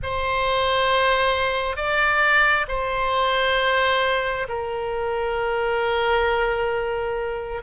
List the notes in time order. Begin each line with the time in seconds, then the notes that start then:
0.02 C5
1.76 D5
2.68 C5
4.48 A#4